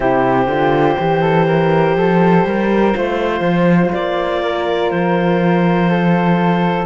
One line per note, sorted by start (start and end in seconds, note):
0.00 0.47 C3
0.00 0.47 E4
0.00 1.21 G4
0.00 3.93 C5
0.47 0.96 D3
0.47 0.99 F4
0.99 1.95 E3
0.99 2.93 G4
1.21 1.45 A4
1.47 1.96 A#4
1.95 2.44 F3
1.95 2.47 A4
2.44 2.93 G3
2.44 2.97 A#4
2.93 3.40 A3
2.93 6.86 F4
2.93 4.42 C5
3.40 3.89 F3
3.93 4.91 A#3
3.93 4.90 D5
4.42 5.89 A#4
4.90 6.86 F3
4.90 6.86 C5
5.89 6.86 A4